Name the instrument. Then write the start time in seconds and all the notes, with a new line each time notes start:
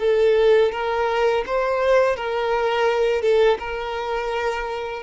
violin
0.00 A4
0.72 A#4
1.47 C5
2.17 A#4
3.22 A4
3.59 A#4